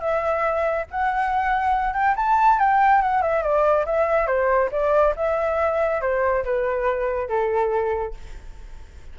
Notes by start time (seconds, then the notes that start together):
0.00 E5
0.91 F#5
1.93 G5
2.16 A5
2.59 G5
3.02 F#5
3.22 E5
3.42 D5
3.86 E5
4.27 C5
4.72 D5
5.16 E5
6.01 C5
6.44 B4
7.28 A4